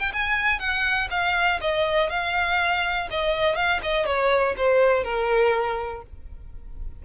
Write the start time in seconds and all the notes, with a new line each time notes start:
0.00 G5
0.13 G#5
0.60 F#5
1.11 F5
1.61 D#5
2.10 F5
3.11 D#5
3.56 F5
3.83 D#5
4.06 C#5
4.58 C5
5.04 A#4